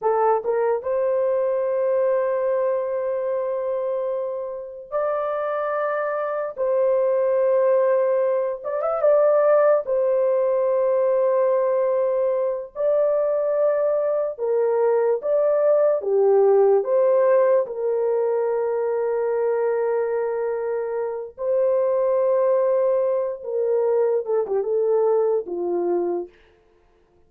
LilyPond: \new Staff \with { instrumentName = "horn" } { \time 4/4 \tempo 4 = 73 a'8 ais'8 c''2.~ | c''2 d''2 | c''2~ c''8 d''16 e''16 d''4 | c''2.~ c''8 d''8~ |
d''4. ais'4 d''4 g'8~ | g'8 c''4 ais'2~ ais'8~ | ais'2 c''2~ | c''8 ais'4 a'16 g'16 a'4 f'4 | }